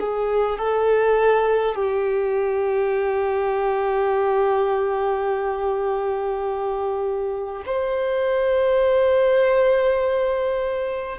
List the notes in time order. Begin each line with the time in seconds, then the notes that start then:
0.00 G#4
0.59 A4
1.75 G4
7.66 C5